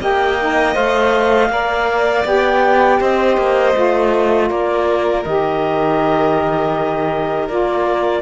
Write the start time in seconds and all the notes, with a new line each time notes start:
0.00 A#3 G4 D#5 G5
0.39 D#4
0.73 A3 C5 F5
1.49 A#3 A#4 D5
2.25 B3 G4 G5
3.00 C4 C5 D#5
3.37 A#3
3.73 A3 F4
4.48 A#3 A#4 D5
5.24 D#3 G4 D#5
7.48 A#3 F4 D5